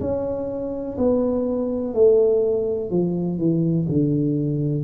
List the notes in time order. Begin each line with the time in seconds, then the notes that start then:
0.00 C#4
0.97 B3
1.94 A3
2.90 F3
3.38 E3
3.88 D3